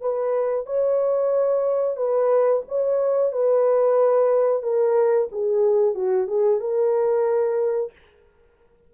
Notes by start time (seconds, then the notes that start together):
0.00 B4
0.66 C#5
1.96 B4
2.68 C#5
3.32 B4
4.62 A#4
5.31 G#4
5.94 F#4
6.27 G#4
6.60 A#4